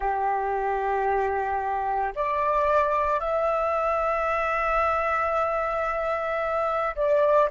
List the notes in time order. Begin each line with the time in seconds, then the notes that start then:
0.00 G4
2.15 D5
3.19 E5
6.95 D5